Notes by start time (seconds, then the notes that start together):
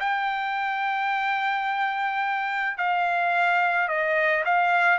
0.00 G5
2.78 F5
3.89 D#5
4.45 F5